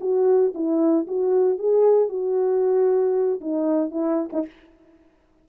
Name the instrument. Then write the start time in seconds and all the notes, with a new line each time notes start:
horn
0.00 F#4
0.54 E4
1.07 F#4
1.58 G#4
2.08 F#4
3.40 D#4
3.90 E4
4.33 D#4